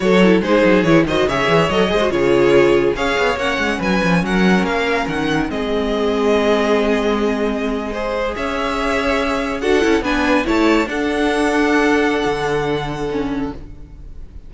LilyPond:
<<
  \new Staff \with { instrumentName = "violin" } { \time 4/4 \tempo 4 = 142 cis''4 c''4 cis''8 dis''8 e''4 | dis''4 cis''2 f''4 | fis''4 gis''4 fis''4 f''4 | fis''4 dis''2.~ |
dis''2.~ dis''8. e''16~ | e''2~ e''8. fis''4 gis''16~ | gis''8. a''4 fis''2~ fis''16~ | fis''1 | }
  \new Staff \with { instrumentName = "violin" } { \time 4/4 a'4 gis'4. c''8 cis''4~ | cis''8 c''8 gis'2 cis''4~ | cis''4 b'4 ais'2~ | ais'4 gis'2.~ |
gis'2~ gis'8. c''4 cis''16~ | cis''2~ cis''8. a'4 b'16~ | b'8. cis''4 a'2~ a'16~ | a'1 | }
  \new Staff \with { instrumentName = "viola" } { \time 4/4 fis'8 e'8 dis'4 e'8 fis'8 gis'4 | a'8 gis'16 fis'16 f'2 gis'4 | cis'1~ | cis'4 c'2.~ |
c'2~ c'8. gis'4~ gis'16~ | gis'2~ gis'8. fis'8 e'8 d'16~ | d'8. e'4 d'2~ d'16~ | d'2. cis'4 | }
  \new Staff \with { instrumentName = "cello" } { \time 4/4 fis4 gis8 fis8 e8 dis8 cis8 e8 | fis8 gis8 cis2 cis'8 b8 | ais8 gis8 fis8 f8 fis4 ais4 | dis4 gis2.~ |
gis2.~ gis8. cis'16~ | cis'2~ cis'8. d'8 cis'8 b16~ | b8. a4 d'2~ d'16~ | d'4 d2. | }
>>